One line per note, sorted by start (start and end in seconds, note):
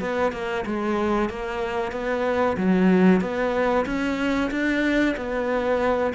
0.00 0.32 B3
0.32 0.65 A#3
0.66 1.29 G#3
1.29 1.92 A#3
1.92 2.56 B3
2.57 3.21 F#3
3.21 3.85 B3
3.86 4.50 C#4
4.51 5.16 D4
5.16 6.13 B3